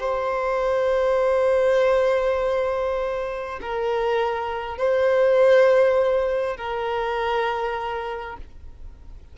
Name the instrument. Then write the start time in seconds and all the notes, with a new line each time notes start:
violin
0.00 C5
3.62 A#4
4.78 C5
6.57 A#4